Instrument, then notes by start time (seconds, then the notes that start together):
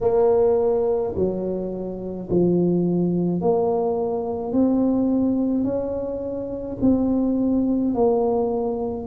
tuba
0.00 A#3
1.15 F#3
2.30 F3
3.41 A#3
4.52 C4
5.63 C#4
6.81 C4
7.94 A#3